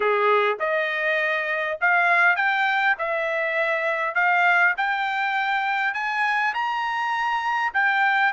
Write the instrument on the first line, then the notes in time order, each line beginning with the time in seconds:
trumpet
0.00 G#4
0.59 D#5
1.81 F5
2.36 G5
2.98 E5
4.14 F5
4.77 G5
5.94 G#5
6.53 A#5
7.73 G5